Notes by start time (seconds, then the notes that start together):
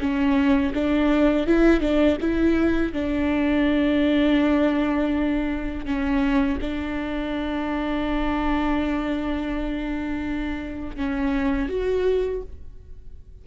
0.00 C#4
0.74 D4
1.47 E4
1.81 D4
2.21 E4
2.93 D4
5.85 C#4
6.61 D4
10.97 C#4
11.69 F#4